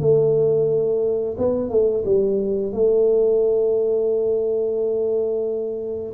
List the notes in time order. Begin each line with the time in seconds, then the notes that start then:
0.00 A3
1.38 B3
1.70 A3
2.05 G3
2.73 A3